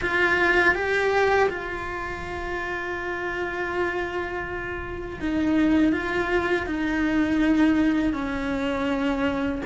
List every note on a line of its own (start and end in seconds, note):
0.01 0.74 F4
0.74 1.48 G4
1.49 5.19 F4
5.20 5.92 D#4
5.92 6.66 F4
6.66 8.13 D#4
8.13 9.61 C#4